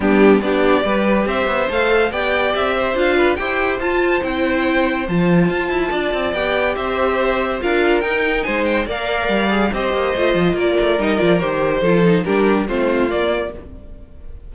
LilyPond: <<
  \new Staff \with { instrumentName = "violin" } { \time 4/4 \tempo 4 = 142 g'4 d''2 e''4 | f''4 g''4 e''4 f''4 | g''4 a''4 g''2 | a''2. g''4 |
e''2 f''4 g''4 | gis''8 g''8 f''2 dis''4~ | dis''4 d''4 dis''8 d''8 c''4~ | c''4 ais'4 c''4 d''4 | }
  \new Staff \with { instrumentName = "violin" } { \time 4/4 d'4 g'4 b'4 c''4~ | c''4 d''4. c''4 b'8 | c''1~ | c''2 d''2 |
c''2 ais'2 | c''4 d''2 c''4~ | c''4 ais'2. | a'4 g'4 f'2 | }
  \new Staff \with { instrumentName = "viola" } { \time 4/4 b4 d'4 g'2 | a'4 g'2 f'4 | g'4 f'4 e'2 | f'2. g'4~ |
g'2 f'4 dis'4~ | dis'4 ais'4. gis'8 g'4 | f'2 dis'8 f'8 g'4 | f'8 dis'8 d'4 c'4 ais4 | }
  \new Staff \with { instrumentName = "cello" } { \time 4/4 g4 b4 g4 c'8 b8 | a4 b4 c'4 d'4 | e'4 f'4 c'2 | f4 f'8 e'8 d'8 c'8 b4 |
c'2 d'4 dis'4 | gis4 ais4 g4 c'8 ais8 | a8 f8 ais8 a8 g8 f8 dis4 | f4 g4 a4 ais4 | }
>>